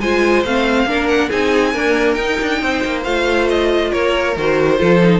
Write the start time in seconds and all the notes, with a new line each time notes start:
0.00 G#3 F4 C5 G#5
0.44 A3 C4 F5
0.85 A#3 D4 A#4
1.07 F#5
1.29 C4 D#4 G#4 G#5
1.72 A#3 D4 A#4
2.13 D#4 G5
2.41 D4
2.62 C4 C5
2.84 A#3
3.03 A3 F4 F5
3.49 D#5
3.91 A#3 A#4 C#5
4.36 D#3 F#4 C5
4.77 F3 F4 A4
5.03 D#4